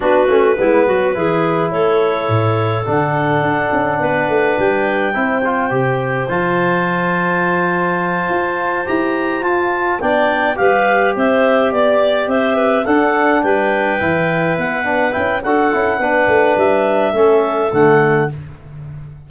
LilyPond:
<<
  \new Staff \with { instrumentName = "clarinet" } { \time 4/4 \tempo 4 = 105 b'2. cis''4~ | cis''4 fis''2. | g''2. a''4~ | a''2.~ a''8 ais''8~ |
ais''8 a''4 g''4 f''4 e''8~ | e''8 d''4 e''4 fis''4 g''8~ | g''4. fis''4 g''8 fis''4~ | fis''4 e''2 fis''4 | }
  \new Staff \with { instrumentName = "clarinet" } { \time 4/4 fis'4 e'8 fis'8 gis'4 a'4~ | a'2. b'4~ | b'4 c''2.~ | c''1~ |
c''4. d''4 b'4 c''8~ | c''8 d''4 c''8 b'8 a'4 b'8~ | b'2. a'4 | b'2 a'2 | }
  \new Staff \with { instrumentName = "trombone" } { \time 4/4 d'8 cis'8 b4 e'2~ | e'4 d'2.~ | d'4 e'8 f'8 g'4 f'4~ | f'2.~ f'8 g'8~ |
g'8 f'4 d'4 g'4.~ | g'2~ g'8 d'4.~ | d'8 e'4. d'8 e'8 fis'8 e'8 | d'2 cis'4 a4 | }
  \new Staff \with { instrumentName = "tuba" } { \time 4/4 b8 a8 gis8 fis8 e4 a4 | a,4 d4 d'8 cis'8 b8 a8 | g4 c'4 c4 f4~ | f2~ f8 f'4 e'8~ |
e'8 f'4 b4 g4 c'8~ | c'8 b4 c'4 d'4 g8~ | g8 e4 b4 cis'8 d'8 cis'8 | b8 a8 g4 a4 d4 | }
>>